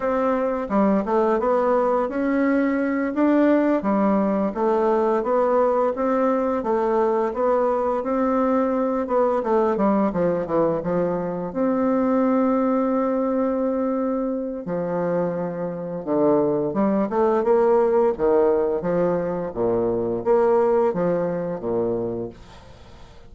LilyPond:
\new Staff \with { instrumentName = "bassoon" } { \time 4/4 \tempo 4 = 86 c'4 g8 a8 b4 cis'4~ | cis'8 d'4 g4 a4 b8~ | b8 c'4 a4 b4 c'8~ | c'4 b8 a8 g8 f8 e8 f8~ |
f8 c'2.~ c'8~ | c'4 f2 d4 | g8 a8 ais4 dis4 f4 | ais,4 ais4 f4 ais,4 | }